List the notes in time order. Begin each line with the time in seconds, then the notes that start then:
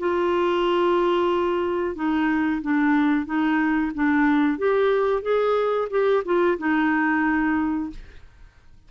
0.00 F4
1.96 D#4
2.62 D4
3.26 D#4
3.95 D4
4.59 G4
5.23 G#4
5.91 G4
6.25 F4
6.59 D#4